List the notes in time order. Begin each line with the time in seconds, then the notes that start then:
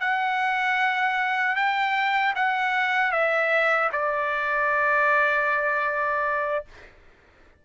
0.00 F#5
1.56 G5
2.35 F#5
3.12 E5
3.92 D5